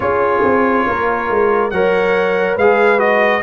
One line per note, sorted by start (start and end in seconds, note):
0.00 0.42 C#4
0.00 1.71 F4
0.00 0.87 G#4
0.00 1.70 C#5
0.43 0.86 C4
0.87 1.30 A#3
0.87 1.73 A#4
1.30 1.72 G#3
1.70 2.57 F#3
1.70 2.59 A#4
1.70 2.55 C#5
1.70 2.56 F#5
2.55 3.42 G#3
2.55 2.98 G#4
2.55 3.41 B4
2.55 2.99 F5
2.98 3.41 F#4
2.98 3.42 D#5